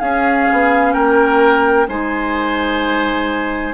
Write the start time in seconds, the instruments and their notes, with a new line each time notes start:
0.00 bassoon C#4, clarinet C#4, oboe G#4, flute F5
0.52 bassoon B3
0.93 bassoon A#3, oboe A#4, flute G5
1.88 bassoon G#3, clarinet D#4, oboe C5, flute G#5